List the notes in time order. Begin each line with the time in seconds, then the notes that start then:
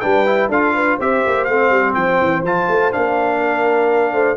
0.00 G3 D4 B4 G5
0.26 E4
0.49 D4 F4 A4 F5
0.74 B4
0.97 C4 G4 C5 E5
1.26 A#3
1.44 A3 C4 F5
1.70 G3
1.94 F3 G5
2.21 E3
2.43 F3 F4 A5
2.68 A3
2.92 A#3 D4 F5
3.41 A#4
4.13 A3 C5